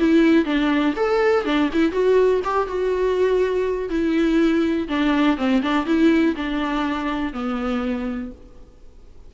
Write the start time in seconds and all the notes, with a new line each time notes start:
0.00 E4
0.45 D4
0.97 A4
1.46 D4
1.73 E4
1.92 F#4
2.45 G4
2.68 F#4
3.90 E4
4.89 D4
5.38 C4
5.63 D4
5.86 E4
6.36 D4
7.33 B3